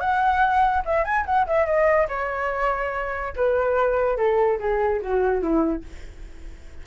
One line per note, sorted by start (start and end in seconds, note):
0.00 0.83 F#5
0.85 1.05 E5
1.05 1.25 G#5
1.26 1.46 F#5
1.47 1.66 E5
1.66 2.08 D#5
2.09 3.34 C#5
3.36 4.17 B4
4.17 4.59 A4
4.59 5.01 G#4
5.02 5.42 F#4
5.42 5.84 E4